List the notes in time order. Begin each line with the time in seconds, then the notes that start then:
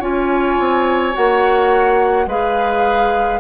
0.00 C#4 F4 C#5 G#5
0.60 C4
1.13 A#3 F#4 F#5
2.27 G#3 G#4 B4 F5